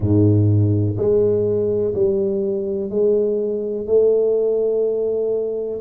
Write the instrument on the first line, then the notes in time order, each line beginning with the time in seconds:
tuba
0.00 G#2
0.97 G#3
1.94 G3
2.89 G#3
3.87 A3